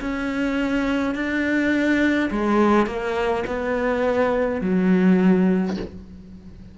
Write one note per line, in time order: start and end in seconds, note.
0.00 1.14 C#4
1.14 2.30 D4
2.30 2.86 G#3
2.86 3.44 A#3
3.46 4.61 B3
4.61 5.76 F#3